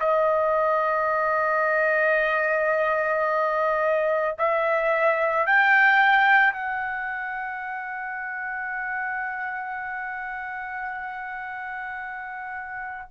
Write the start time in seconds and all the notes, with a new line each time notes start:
0.00 D#5
4.38 E5
5.46 G5
6.53 F#5